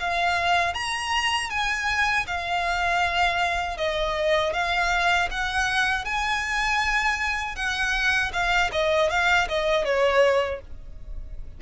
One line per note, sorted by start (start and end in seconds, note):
0.00 0.75 F5
0.75 1.51 A#5
1.51 2.26 G#5
2.27 3.78 F5
3.78 4.54 D#5
4.54 5.30 F5
5.31 6.05 F#5
6.05 7.56 G#5
7.56 8.32 F#5
8.33 8.71 F5
8.72 9.10 D#5
9.11 9.49 F5
9.49 9.85 D#5
9.85 10.61 C#5